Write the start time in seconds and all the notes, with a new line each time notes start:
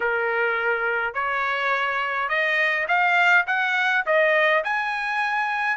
0.00 A#4
1.14 C#5
2.28 D#5
2.88 F5
3.46 F#5
4.06 D#5
4.64 G#5